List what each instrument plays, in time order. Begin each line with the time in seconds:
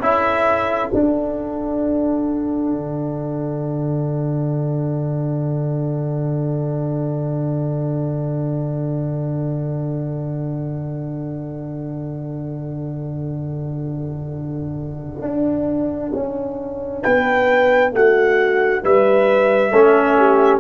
0.00 tuba C#4, trombone E4, horn A4, trumpet E5
0.90 trombone D4, tuba D4, trumpet F#5
2.72 tuba D3
15.21 tuba D4
16.14 tuba C#4
17.02 tuba B3, horn B4, trumpet G5
17.92 tuba A3, horn F#4, trumpet F#5
18.83 tuba G3, horn B4, trumpet E5
19.72 tuba A3, trombone C#4, horn A4
20.18 horn G4